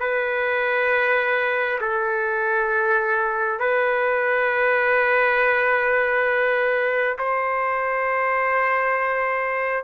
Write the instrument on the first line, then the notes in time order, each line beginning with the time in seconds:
trumpet
0.00 B4
1.81 A4
3.59 B4
7.18 C5